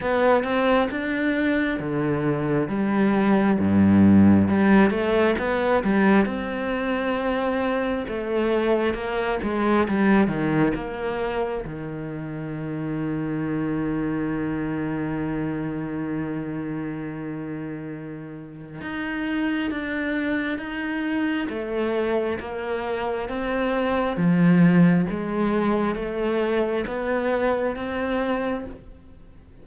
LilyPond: \new Staff \with { instrumentName = "cello" } { \time 4/4 \tempo 4 = 67 b8 c'8 d'4 d4 g4 | g,4 g8 a8 b8 g8 c'4~ | c'4 a4 ais8 gis8 g8 dis8 | ais4 dis2.~ |
dis1~ | dis4 dis'4 d'4 dis'4 | a4 ais4 c'4 f4 | gis4 a4 b4 c'4 | }